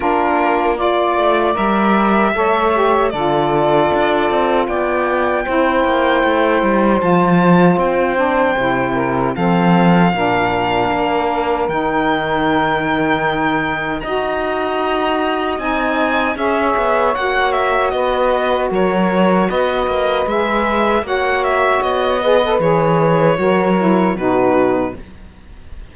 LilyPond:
<<
  \new Staff \with { instrumentName = "violin" } { \time 4/4 \tempo 4 = 77 ais'4 d''4 e''2 | d''2 g''2~ | g''4 a''4 g''2 | f''2. g''4~ |
g''2 ais''2 | gis''4 e''4 fis''8 e''8 dis''4 | cis''4 dis''4 e''4 fis''8 e''8 | dis''4 cis''2 b'4 | }
  \new Staff \with { instrumentName = "saxophone" } { \time 4/4 f'4 d''2 cis''4 | a'2 d''4 c''4~ | c''2.~ c''8 ais'8 | a'4 ais'2.~ |
ais'2 dis''2~ | dis''4 cis''2 b'4 | ais'4 b'2 cis''4~ | cis''8 b'4. ais'4 fis'4 | }
  \new Staff \with { instrumentName = "saxophone" } { \time 4/4 d'4 f'4 ais'4 a'8 g'8 | f'2. e'4~ | e'4 f'4. d'8 e'4 | c'4 d'2 dis'4~ |
dis'2 fis'2 | dis'4 gis'4 fis'2~ | fis'2 gis'4 fis'4~ | fis'8 gis'16 a'16 gis'4 fis'8 e'8 dis'4 | }
  \new Staff \with { instrumentName = "cello" } { \time 4/4 ais4. a8 g4 a4 | d4 d'8 c'8 b4 c'8 ais8 | a8 g8 f4 c'4 c4 | f4 ais,4 ais4 dis4~ |
dis2 dis'2 | c'4 cis'8 b8 ais4 b4 | fis4 b8 ais8 gis4 ais4 | b4 e4 fis4 b,4 | }
>>